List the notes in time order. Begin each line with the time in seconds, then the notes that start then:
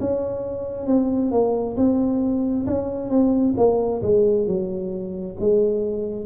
0.00 C#4
0.86 C4
1.31 A#3
1.77 C4
2.67 C#4
3.10 C4
3.57 A#3
4.02 G#3
4.47 F#3
5.40 G#3